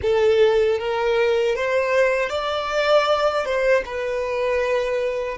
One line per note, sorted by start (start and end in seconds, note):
0.02 0.78 A4
0.78 1.55 A#4
1.55 2.29 C5
2.29 3.45 D5
3.45 3.83 C5
3.85 5.37 B4